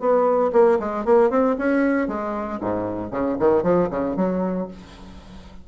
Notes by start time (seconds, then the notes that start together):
0.00 B3
0.53 A#3
0.79 G#3
1.05 A#3
1.30 C4
1.58 C#4
2.08 G#3
2.61 G#2
3.11 C#3
3.39 D#3
3.63 F3
3.91 C#3
4.16 F#3